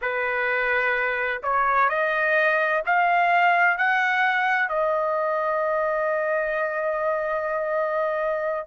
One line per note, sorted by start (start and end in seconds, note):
0.01 1.42 B4
1.42 1.89 C#5
1.89 2.83 D#5
2.86 3.77 F5
3.77 4.69 F#5
4.69 8.67 D#5